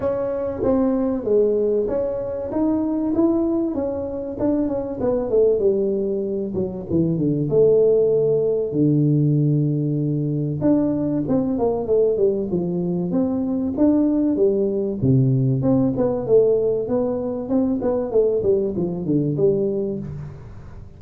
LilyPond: \new Staff \with { instrumentName = "tuba" } { \time 4/4 \tempo 4 = 96 cis'4 c'4 gis4 cis'4 | dis'4 e'4 cis'4 d'8 cis'8 | b8 a8 g4. fis8 e8 d8 | a2 d2~ |
d4 d'4 c'8 ais8 a8 g8 | f4 c'4 d'4 g4 | c4 c'8 b8 a4 b4 | c'8 b8 a8 g8 f8 d8 g4 | }